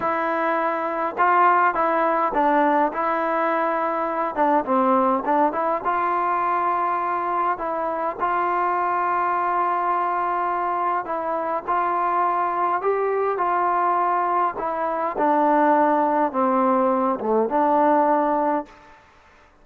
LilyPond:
\new Staff \with { instrumentName = "trombone" } { \time 4/4 \tempo 4 = 103 e'2 f'4 e'4 | d'4 e'2~ e'8 d'8 | c'4 d'8 e'8 f'2~ | f'4 e'4 f'2~ |
f'2. e'4 | f'2 g'4 f'4~ | f'4 e'4 d'2 | c'4. a8 d'2 | }